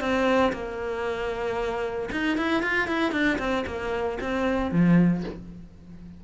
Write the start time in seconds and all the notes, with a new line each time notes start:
0.00 C4
0.53 A#3
2.12 D#4
2.37 E4
2.63 F4
2.88 E4
3.12 D4
3.39 C4
3.66 A#3
4.21 C4
4.71 F3